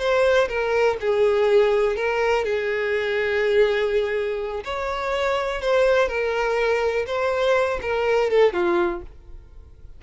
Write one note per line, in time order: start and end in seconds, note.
0.00 0.49 C5
0.49 0.98 A#4
1.01 1.97 G#4
1.97 2.45 A#4
2.45 4.65 G#4
4.65 5.62 C#5
5.62 6.09 C5
6.09 7.06 A#4
7.07 7.80 C5
7.82 8.31 A#4
8.31 8.54 A4
8.54 9.02 F4